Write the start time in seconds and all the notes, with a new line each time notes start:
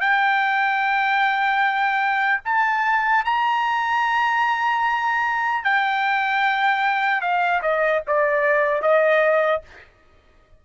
0.00 G5
2.44 A5
3.24 A#5
5.64 G5
7.21 F5
7.61 D#5
8.07 D5
8.81 D#5